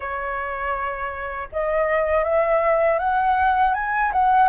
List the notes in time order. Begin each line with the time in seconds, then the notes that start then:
0.00 C#5
1.51 D#5
2.24 E5
2.98 F#5
3.74 G#5
4.12 F#5